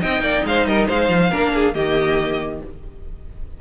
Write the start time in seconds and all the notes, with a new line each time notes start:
0.00 C4 D#4 D#5 G5
0.21 A#3 D5
0.45 G#3 C5 F5
0.66 G3 A#4 D#5
0.87 G#3 C5 F5
1.09 F3
1.30 A#3 D4 A#4
1.54 G#4
1.74 D#3 A#3 G4 D#5